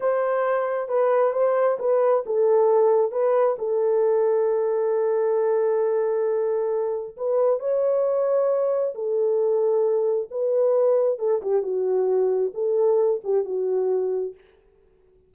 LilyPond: \new Staff \with { instrumentName = "horn" } { \time 4/4 \tempo 4 = 134 c''2 b'4 c''4 | b'4 a'2 b'4 | a'1~ | a'1 |
b'4 cis''2. | a'2. b'4~ | b'4 a'8 g'8 fis'2 | a'4. g'8 fis'2 | }